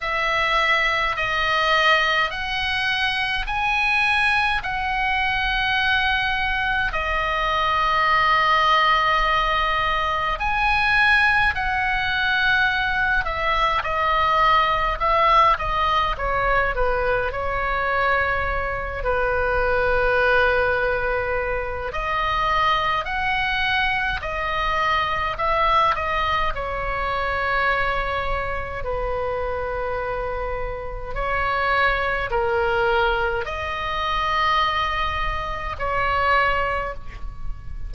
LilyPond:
\new Staff \with { instrumentName = "oboe" } { \time 4/4 \tempo 4 = 52 e''4 dis''4 fis''4 gis''4 | fis''2 dis''2~ | dis''4 gis''4 fis''4. e''8 | dis''4 e''8 dis''8 cis''8 b'8 cis''4~ |
cis''8 b'2~ b'8 dis''4 | fis''4 dis''4 e''8 dis''8 cis''4~ | cis''4 b'2 cis''4 | ais'4 dis''2 cis''4 | }